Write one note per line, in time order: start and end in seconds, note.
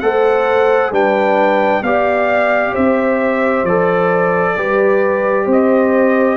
0.00 0.92 A3
0.00 0.92 A4
0.00 0.91 C5
0.00 0.91 F#5
0.91 1.82 G3
0.91 1.83 D4
0.91 1.82 B4
0.91 1.83 G5
1.82 2.73 B3
1.82 3.67 G4
1.82 2.73 D5
1.82 2.74 F5
2.73 3.64 C4
2.73 4.54 C5
2.73 3.65 E5
3.64 4.55 F3
3.64 4.58 A4
3.64 5.47 D5
4.56 5.46 G3
4.56 6.37 G4
4.56 5.45 B4
5.45 6.37 C4
5.45 6.36 C5
5.52 6.37 D#5